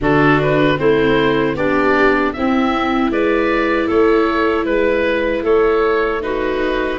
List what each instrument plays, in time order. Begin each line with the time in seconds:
0.00 tuba D3, viola D4, clarinet F#4, oboe A4
0.42 oboe B4
0.76 tuba A3, viola C4, clarinet E4, oboe C5
1.54 tuba B3, clarinet D4, viola G4, oboe D5
2.32 clarinet C4, tuba C4, viola E4, oboe E5
3.10 tuba G#3, clarinet B4, oboe D5
3.87 tuba A3, clarinet A4, oboe C#5
4.65 tuba G#3, oboe B4, clarinet B4
5.43 tuba A3, clarinet A4, oboe C#5
6.21 viola D#4, clarinet F#4, oboe B4